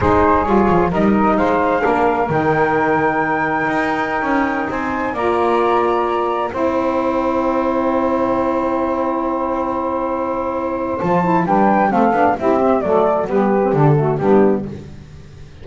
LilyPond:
<<
  \new Staff \with { instrumentName = "flute" } { \time 4/4 \tempo 4 = 131 c''4 cis''4 dis''4 f''4~ | f''4 g''2.~ | g''2~ g''16 gis''4 ais''8.~ | ais''2~ ais''16 g''4.~ g''16~ |
g''1~ | g''1 | a''4 g''4 f''4 e''4 | d''4 b'4 a'4 g'4 | }
  \new Staff \with { instrumentName = "saxophone" } { \time 4/4 gis'2 ais'4 c''4 | ais'1~ | ais'2~ ais'16 c''4 d''8.~ | d''2~ d''16 c''4.~ c''16~ |
c''1~ | c''1~ | c''4 b'4 a'4 g'4 | a'4 g'4. fis'8 d'4 | }
  \new Staff \with { instrumentName = "saxophone" } { \time 4/4 dis'4 f'4 dis'2 | d'4 dis'2.~ | dis'2.~ dis'16 f'8.~ | f'2~ f'16 e'4.~ e'16~ |
e'1~ | e'1 | f'8 e'8 d'4 c'8 d'8 e'8 c'8 | a4 b8. c'16 d'8 a8 b4 | }
  \new Staff \with { instrumentName = "double bass" } { \time 4/4 gis4 g8 f8 g4 gis4 | ais4 dis2. | dis'4~ dis'16 cis'4 c'4 ais8.~ | ais2~ ais16 c'4.~ c'16~ |
c'1~ | c'1 | f4 g4 a8 b8 c'4 | fis4 g4 d4 g4 | }
>>